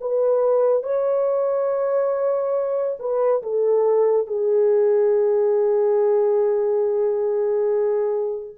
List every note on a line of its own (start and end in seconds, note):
0.00 0.83 B4
0.83 2.97 C#5
2.99 3.42 B4
3.42 4.27 A4
4.27 8.55 G#4